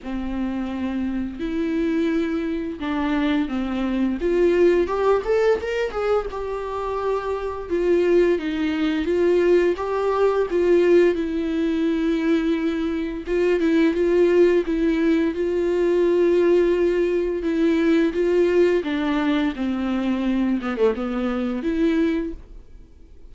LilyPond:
\new Staff \with { instrumentName = "viola" } { \time 4/4 \tempo 4 = 86 c'2 e'2 | d'4 c'4 f'4 g'8 a'8 | ais'8 gis'8 g'2 f'4 | dis'4 f'4 g'4 f'4 |
e'2. f'8 e'8 | f'4 e'4 f'2~ | f'4 e'4 f'4 d'4 | c'4. b16 a16 b4 e'4 | }